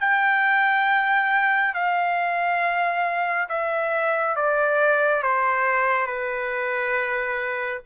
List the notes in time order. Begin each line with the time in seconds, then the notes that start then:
0.00 G5
1.74 F5
3.49 E5
4.36 D5
5.22 C5
6.06 B4